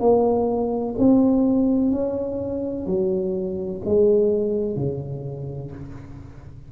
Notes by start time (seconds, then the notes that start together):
0.00 A#3
0.98 C4
1.92 C#4
2.86 F#3
3.85 G#3
4.76 C#3